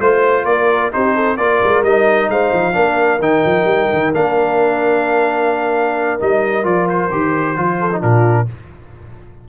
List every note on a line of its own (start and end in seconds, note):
0.00 0.45 A3
0.00 0.92 F4
0.00 0.46 C5
0.45 0.91 A#3
0.45 0.95 A#4
0.45 0.91 D5
0.92 1.38 C4
0.92 1.38 D#4
0.92 1.16 G4
0.92 1.37 C5
1.16 1.38 A4
1.37 1.61 A#3
1.37 1.85 F4
1.37 2.31 A#4
1.37 1.83 D5
1.64 1.83 G#3
1.83 2.29 G3
1.83 2.73 D#4
1.83 2.30 D#5
2.29 2.52 G#3
2.29 2.76 C5
2.29 3.22 F5
2.53 2.76 F3
2.73 3.20 A#3
2.73 3.19 D4
2.73 7.80 A#4
3.20 3.43 D#3
3.20 4.13 D#4
3.20 4.14 G5
3.45 3.65 F3
3.65 3.88 G3
3.93 4.14 D#3
4.14 6.20 A#3
4.14 6.20 D4
4.14 6.21 F5
6.20 6.65 G3
6.20 6.64 D#4
6.20 6.66 D#5
6.64 7.10 F3
6.64 7.10 F4
6.64 6.89 D5
6.90 8.02 C5
7.12 7.57 D#3
7.12 7.57 G4
7.57 8.03 F3
7.57 7.91 F4
7.80 8.02 A4
7.93 8.01 D#4
8.01 8.49 A#2
8.01 8.47 D4
8.01 8.47 F4
8.01 8.48 A#4